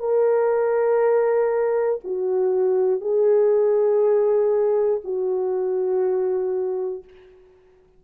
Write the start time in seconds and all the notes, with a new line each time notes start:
0.00 A#4
2.05 F#4
3.01 G#4
5.05 F#4